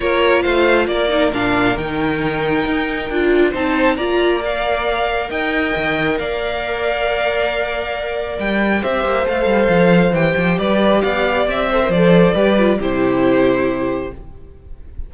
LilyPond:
<<
  \new Staff \with { instrumentName = "violin" } { \time 4/4 \tempo 4 = 136 cis''4 f''4 d''4 f''4 | g''1 | a''4 ais''4 f''2 | g''2 f''2~ |
f''2. g''4 | e''4 f''2 g''4 | d''4 f''4 e''4 d''4~ | d''4 c''2. | }
  \new Staff \with { instrumentName = "violin" } { \time 4/4 ais'4 c''4 ais'2~ | ais'1 | c''4 d''2. | dis''2 d''2~ |
d''1 | c''1 | b'4 d''4. c''4. | b'4 g'2. | }
  \new Staff \with { instrumentName = "viola" } { \time 4/4 f'2~ f'8 dis'8 d'4 | dis'2. f'4 | dis'4 f'4 ais'2~ | ais'1~ |
ais'1 | g'4 a'2 g'4~ | g'2~ g'8 a'16 ais'16 a'4 | g'8 f'8 e'2. | }
  \new Staff \with { instrumentName = "cello" } { \time 4/4 ais4 a4 ais4 ais,4 | dis2 dis'4 d'4 | c'4 ais2. | dis'4 dis4 ais2~ |
ais2. g4 | c'8 ais8 a8 g8 f4 e8 f8 | g4 b4 c'4 f4 | g4 c2. | }
>>